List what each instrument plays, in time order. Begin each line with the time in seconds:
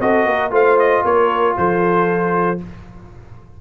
0.00 tuba C4, trombone F#4, horn A4, trumpet D#5
0.25 tuba A#3, horn A#4
0.51 tuba A3, trombone F4, horn C5, trumpet F5
0.79 trumpet D#5
1.04 tuba A#3, horn A#4, trumpet C#5
1.57 tuba F3, horn A4, trumpet C5